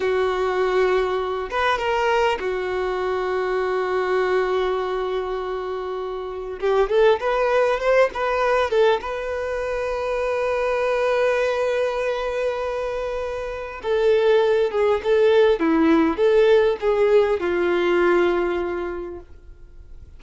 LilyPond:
\new Staff \with { instrumentName = "violin" } { \time 4/4 \tempo 4 = 100 fis'2~ fis'8 b'8 ais'4 | fis'1~ | fis'2. g'8 a'8 | b'4 c''8 b'4 a'8 b'4~ |
b'1~ | b'2. a'4~ | a'8 gis'8 a'4 e'4 a'4 | gis'4 f'2. | }